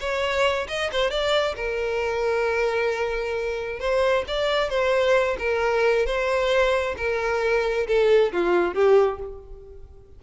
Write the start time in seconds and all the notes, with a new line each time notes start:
0.00 C#5
0.68 D#5
0.92 C5
1.11 D5
1.56 A#4
3.80 C5
4.28 D5
4.70 C5
5.39 A#4
6.06 C5
6.97 A#4
7.87 A4
8.32 F4
8.74 G4